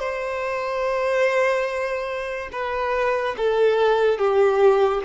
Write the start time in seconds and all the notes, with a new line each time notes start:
0.00 C5
2.53 B4
3.37 A4
4.19 G4